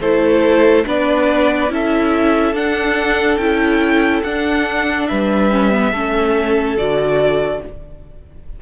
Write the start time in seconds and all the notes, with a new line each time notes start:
0.00 A3 E4 A4 C5
0.85 B3 D4 B4 D5
1.69 C#4 E4 A4 E5
2.53 D4 F#5
3.37 C#4 E4 G5
4.23 D4 F#5
5.07 G3 B4 E5
5.51 C#4
5.71 B3
5.91 A3 C#4 A4
6.77 D3 F#4 D5